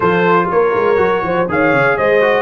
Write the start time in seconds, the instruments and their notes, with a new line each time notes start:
0.00 tuba F3, trombone F4, horn A4, trumpet C5
0.50 tuba A#3, horn A#4, trumpet C#5
0.75 tuba G#3
0.96 tuba F#3, trombone F#4
1.22 tuba F3, horn C5
1.48 tuba D#3, trombone G#4, horn C#5, trumpet F5
1.73 tuba C#3
1.96 tuba G#3, horn C5, trumpet D#5
2.21 trombone F#4